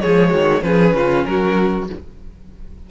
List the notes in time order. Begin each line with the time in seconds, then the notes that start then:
0.00 F3 G#3 G#4 C#5
0.30 D#3 F#4
0.62 F3 C#4 G#4 B4
0.93 C#3 F4
1.24 F#3 F#4 A#4